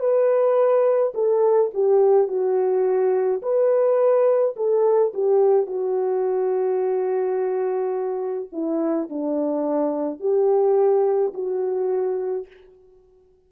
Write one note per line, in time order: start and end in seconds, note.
0.00 1.13 B4
1.15 1.71 A4
1.74 2.28 G4
2.28 3.42 F#4
3.43 4.56 B4
4.56 5.13 A4
5.14 5.67 G4
5.67 8.50 F#4
8.53 9.09 E4
9.10 10.20 D4
10.20 11.33 G4
11.34 12.47 F#4